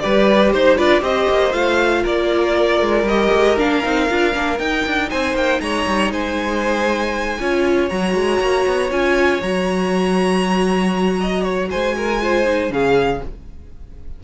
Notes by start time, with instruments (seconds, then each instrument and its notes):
0.00 cello G3, viola G4, violin B4 D5
0.53 cello D#4, violin C5
0.76 cello D4, viola F4, violin B4 D5
1.01 cello C4, viola G4, violin C5 D#5
1.30 cello A#3
1.52 cello A3, viola F4, violin F5
2.03 cello A#3, violin A#4 D5
2.81 cello G#3
3.03 cello G3, violin D#5
3.10 viola G4
3.34 cello G#3
3.58 cello A#3, viola D4, violin F5
3.83 cello C4, viola D#4
4.09 cello D4, viola F4
4.33 cello A#3, viola D4
4.59 viola D#4, cello D#4, violin G5
4.86 cello D4
5.10 cello C4, violin C5 G#5
5.35 cello A#3, violin G5
5.61 cello G#3, violin C#5 A#5
5.87 cello G3
6.11 cello G#3, violin C5 G#5
7.40 cello C#4, viola F4, violin C#5
7.89 cello F#3, viola F#4, violin A#5
8.15 cello G#3
8.41 cello A#3
8.67 cello B3
8.90 cello C#4, viola F4, violin G#5
9.42 cello F#3, viola F#4, violin A#5
11.21 violin D#5
11.43 violin C#5
11.70 cello G#3, violin C5 G#5
11.97 violin A#4
12.21 viola F4, violin C5
12.46 viola D#4
12.70 cello C#3, viola C#4, violin G#4 F5